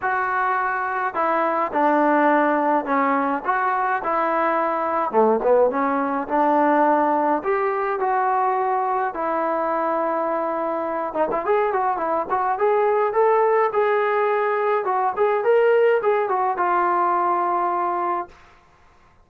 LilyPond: \new Staff \with { instrumentName = "trombone" } { \time 4/4 \tempo 4 = 105 fis'2 e'4 d'4~ | d'4 cis'4 fis'4 e'4~ | e'4 a8 b8 cis'4 d'4~ | d'4 g'4 fis'2 |
e'2.~ e'8 dis'16 e'16 | gis'8 fis'8 e'8 fis'8 gis'4 a'4 | gis'2 fis'8 gis'8 ais'4 | gis'8 fis'8 f'2. | }